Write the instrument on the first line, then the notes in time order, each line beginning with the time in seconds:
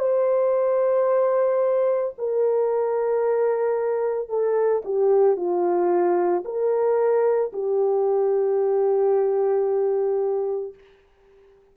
horn
0.00 C5
2.18 A#4
4.30 A4
4.85 G4
5.37 F4
6.45 A#4
7.53 G4